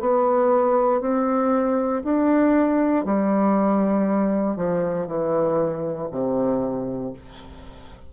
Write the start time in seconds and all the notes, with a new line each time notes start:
0.00 B3
1.00 C4
2.04 D4
3.05 G3
4.56 F3
5.07 E3
6.11 C3